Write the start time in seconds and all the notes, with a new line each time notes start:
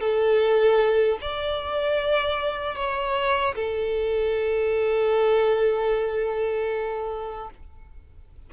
0.00 A4
1.21 D5
2.76 C#5
3.55 A4